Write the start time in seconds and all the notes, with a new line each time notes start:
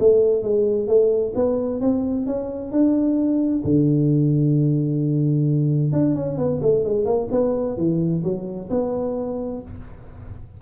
0.00 A3
0.43 G#3
0.88 A3
1.36 B3
1.81 C4
2.27 C#4
2.72 D4
3.64 D3
5.93 D4
6.16 C#4
6.38 B3
6.62 A3
6.85 G#3
7.06 A#3
7.32 B3
7.77 E3
8.24 F#3
8.70 B3